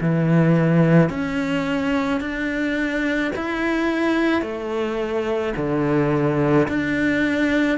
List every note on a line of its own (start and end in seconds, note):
0.00 1.09 E3
1.09 2.20 C#4
2.20 3.31 D4
3.35 4.41 E4
4.41 5.53 A3
5.56 6.67 D3
6.68 7.78 D4